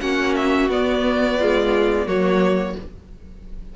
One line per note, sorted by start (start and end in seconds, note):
0.00 0.68 A#3
0.00 0.70 C#4
0.00 1.38 F#4
0.00 0.34 F#5
0.35 0.70 E5
0.68 2.06 B3
0.68 1.39 B3
0.68 2.07 D5
1.38 2.07 G#3
1.38 2.06 F4
2.06 2.75 F#3
2.06 2.76 A#3
2.06 2.75 F#4
2.06 2.76 C#5